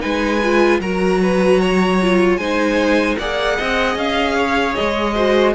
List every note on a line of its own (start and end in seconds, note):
0.00 0.80 G#3
0.00 0.39 D#4
0.00 0.80 B4
0.00 0.80 G#5
0.44 0.82 F4
0.80 2.37 F#3
0.80 2.00 F#4
0.80 1.21 A#4
0.80 2.37 A#5
1.22 1.61 B4
1.61 2.39 C#5
2.02 2.40 F4
2.37 3.16 G#3
2.37 3.19 D#4
2.37 3.18 C5
2.37 3.16 G#5
3.19 3.58 A#3
3.19 5.16 G#4
3.19 3.57 D5
3.19 3.98 F#5
3.57 3.96 C4
3.57 4.36 D#5
3.96 4.75 C#4
3.96 4.75 F5
4.36 5.14 C#5
4.75 5.55 G#3
4.75 5.54 D#5
5.14 5.55 F#4
5.14 5.53 C5